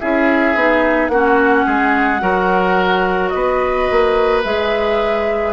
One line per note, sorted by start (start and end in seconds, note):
0.00 0.55 C#4
0.00 0.56 E4
0.00 1.12 G#4
0.00 1.09 E5
0.55 1.09 B3
0.55 1.12 D#4
1.09 1.65 A#3
1.09 2.20 C#4
1.09 1.66 F#4
1.09 3.30 F#5
1.66 2.22 G#3
1.66 2.22 G#4
2.20 3.33 F#3
2.20 4.43 F#4
2.20 3.34 A#4
3.30 3.90 B3
3.30 5.53 B4
3.30 4.41 D#5
3.91 4.45 A#3
4.44 5.53 G#3
4.44 5.53 G#4
4.44 5.53 E5